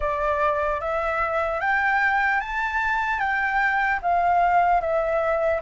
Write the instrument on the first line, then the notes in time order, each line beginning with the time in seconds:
flute
0.00 D5
0.80 E5
1.60 G5
2.40 A5
3.19 G5
4.01 F5
4.80 E5